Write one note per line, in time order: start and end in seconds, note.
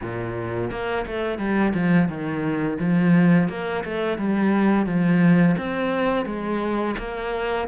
0.01 0.70 A#2
0.70 1.05 A#3
1.06 1.38 A3
1.38 1.73 G3
1.73 2.08 F3
2.08 2.78 D#3
2.79 3.49 F3
3.49 3.83 A#3
3.84 4.18 A3
4.18 4.86 G3
4.86 5.55 F3
5.57 6.25 C4
6.25 6.95 G#3
6.98 7.68 A#3